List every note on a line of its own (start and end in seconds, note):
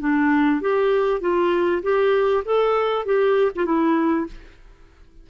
0.00 0.61 D4
0.61 1.21 G4
1.21 1.82 F4
1.83 2.44 G4
2.45 3.06 A4
3.06 3.51 G4
3.56 3.66 F4
3.66 4.27 E4